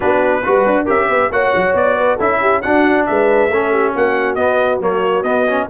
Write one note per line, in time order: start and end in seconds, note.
0.00 0.47 B3
0.00 0.42 D4
0.00 0.44 F#4
0.00 0.86 B4
0.44 0.65 G3
0.44 0.86 F#4
0.44 0.84 B4
0.65 0.87 D4
0.84 1.08 C#4
0.84 1.29 G4
0.84 1.06 A#4
0.84 1.31 E5
1.08 1.30 B3
1.08 1.32 B4
1.31 1.53 A#3
1.31 2.19 F#4
1.31 1.97 C#5
1.31 1.75 F#5
1.55 1.74 F#3
1.74 2.18 B3
1.74 2.19 D5
1.97 2.16 B4
2.16 2.63 C#4
2.16 2.63 E4
2.16 2.37 A4
2.16 2.61 E5
2.40 2.62 G4
2.61 3.51 D4
2.61 3.08 D4
2.61 3.07 F#4
2.61 3.05 F#5
3.06 3.49 G#3
3.06 3.53 B4
3.06 3.93 E5
3.49 3.93 A3
3.49 4.37 C#4
3.49 3.71 A4
3.71 3.93 G4
3.95 4.37 A#3
3.95 5.70 F#4
3.95 4.34 F#5
4.34 4.80 B3
4.34 4.78 D#5
4.80 5.23 F#3
4.80 5.24 A#3
4.80 5.23 C#5
5.23 5.67 B3
5.23 5.47 B3
5.23 5.67 D#5
5.47 5.69 C#4